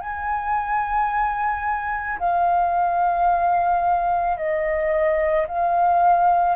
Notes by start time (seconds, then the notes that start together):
0.00 G#5
2.19 F5
4.37 D#5
5.47 F5